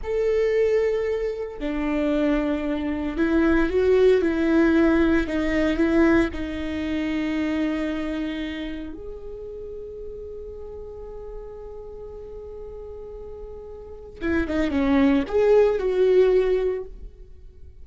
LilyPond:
\new Staff \with { instrumentName = "viola" } { \time 4/4 \tempo 4 = 114 a'2. d'4~ | d'2 e'4 fis'4 | e'2 dis'4 e'4 | dis'1~ |
dis'4 gis'2.~ | gis'1~ | gis'2. e'8 dis'8 | cis'4 gis'4 fis'2 | }